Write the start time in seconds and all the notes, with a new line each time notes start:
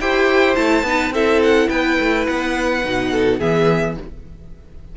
0.00 E4 G4 C5 G5
0.55 A3 E4 A5
0.83 B3 D#4 B4
1.10 C4 E4 A4 E5
1.43 F#5
1.69 B3 B4 G5
2.00 A3
2.27 B3 F#5
2.83 B2 D#4
3.12 A4
3.39 E3 B3 G#4 E5